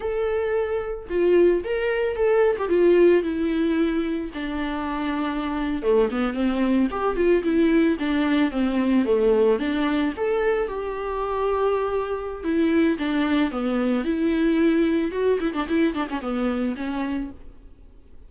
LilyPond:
\new Staff \with { instrumentName = "viola" } { \time 4/4 \tempo 4 = 111 a'2 f'4 ais'4 | a'8. g'16 f'4 e'2 | d'2~ d'8. a8 b8 c'16~ | c'8. g'8 f'8 e'4 d'4 c'16~ |
c'8. a4 d'4 a'4 g'16~ | g'2. e'4 | d'4 b4 e'2 | fis'8 e'16 d'16 e'8 d'16 cis'16 b4 cis'4 | }